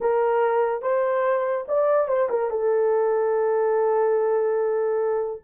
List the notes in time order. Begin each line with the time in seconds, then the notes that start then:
0.01 A#4
0.82 C5
1.68 D5
2.07 C5
2.29 A#4
2.50 A4